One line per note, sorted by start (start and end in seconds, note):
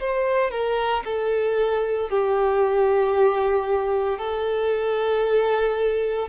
0.00 0.51 C5
0.51 1.03 A#4
1.04 2.10 A4
2.10 4.18 G4
4.18 6.29 A4